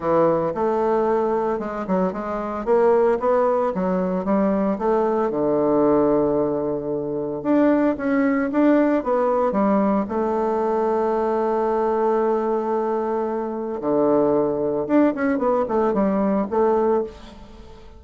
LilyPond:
\new Staff \with { instrumentName = "bassoon" } { \time 4/4 \tempo 4 = 113 e4 a2 gis8 fis8 | gis4 ais4 b4 fis4 | g4 a4 d2~ | d2 d'4 cis'4 |
d'4 b4 g4 a4~ | a1~ | a2 d2 | d'8 cis'8 b8 a8 g4 a4 | }